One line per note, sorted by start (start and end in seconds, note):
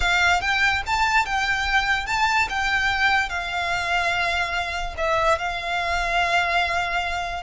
0.00 0.41 F5
0.41 0.82 G5
0.86 1.25 A5
1.25 2.06 G5
2.06 2.47 A5
2.49 3.29 G5
3.29 4.94 F5
4.97 5.38 E5
5.38 7.43 F5